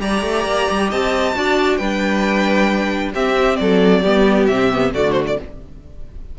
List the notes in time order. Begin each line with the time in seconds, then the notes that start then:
0.00 G3 G4 D5 A#5
0.22 A3
0.45 A#3
0.71 G3
0.89 C4 D#5 A5
1.35 D4 F#4 D5
1.77 G3 D4 B4 G5
3.14 C4 G4 E5
3.57 F#3 A4 D5
4.02 G3 B3 G4
4.47 C3 C4 E5
4.71 B3
4.94 D3 A3 F#4 D5
5.12 C5
5.27 D5